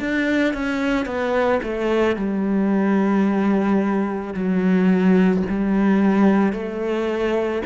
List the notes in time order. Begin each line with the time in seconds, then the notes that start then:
0.00 D4
0.54 C#4
1.06 B3
1.63 A3
2.17 G3
4.34 F#3
5.50 G3
6.54 A3